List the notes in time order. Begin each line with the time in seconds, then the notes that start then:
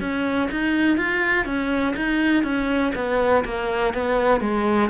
0.00 C#4
0.51 D#4
0.97 F4
1.45 C#4
1.96 D#4
2.43 C#4
2.95 B3
3.44 A#3
3.93 B3
4.40 G#3